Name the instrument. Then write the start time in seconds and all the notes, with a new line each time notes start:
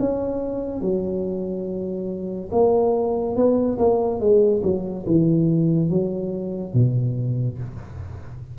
tuba
0.00 C#4
0.81 F#3
2.52 A#3
3.36 B3
3.79 A#3
4.20 G#3
4.63 F#3
5.07 E3
5.90 F#3
6.74 B2